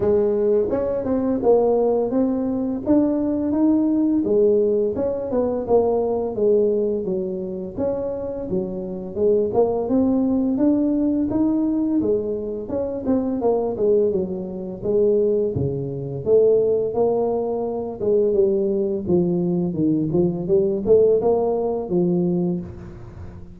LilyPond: \new Staff \with { instrumentName = "tuba" } { \time 4/4 \tempo 4 = 85 gis4 cis'8 c'8 ais4 c'4 | d'4 dis'4 gis4 cis'8 b8 | ais4 gis4 fis4 cis'4 | fis4 gis8 ais8 c'4 d'4 |
dis'4 gis4 cis'8 c'8 ais8 gis8 | fis4 gis4 cis4 a4 | ais4. gis8 g4 f4 | dis8 f8 g8 a8 ais4 f4 | }